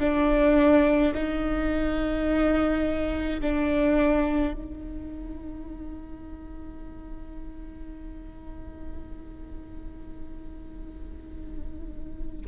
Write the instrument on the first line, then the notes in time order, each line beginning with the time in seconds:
viola
0.00 D4
1.14 D#4
3.41 D4
4.54 D#4